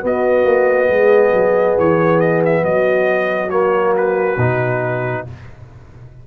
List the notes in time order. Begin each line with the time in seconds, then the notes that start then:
0.00 B3 F#4 D#5
0.44 A#3
0.88 G#3 G#4
1.33 F#3
1.78 E3 C#5
2.20 D#5
2.45 E5
2.63 F#3 F#4 D#5
3.50 A#3 C#5
3.97 B4
4.37 B2 D#4